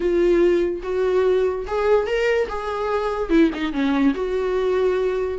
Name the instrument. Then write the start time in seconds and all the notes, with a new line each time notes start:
viola
0.00 F4
0.82 F#4
1.67 G#4
2.06 A#4
2.48 G#4
3.29 E4
3.54 D#4
3.72 C#4
4.14 F#4